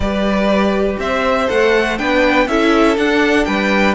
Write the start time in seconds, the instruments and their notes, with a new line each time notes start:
0.00 cello G3, viola G4, violin B4 D5
0.99 cello C4, violin C5 E5
1.47 cello A3, viola A4, violin F#5
1.98 cello B3, viola D4, violin B4 G5
2.47 cello C#4, viola E4, violin A4 E5
2.96 viola D4, cello D4, violin F#5
3.44 cello G3, violin B4 G5